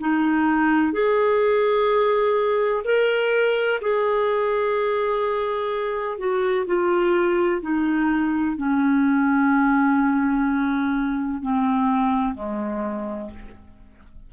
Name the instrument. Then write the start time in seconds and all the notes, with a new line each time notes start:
clarinet
0.00 D#4
0.93 G#4
2.84 A#4
3.81 G#4
6.18 F#4
6.66 F4
7.62 D#4
8.57 C#4
11.42 C4
12.35 G#3